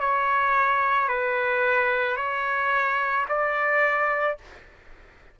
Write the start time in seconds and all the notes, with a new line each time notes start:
0.00 C#5
1.08 B4
2.17 C#5
3.29 D5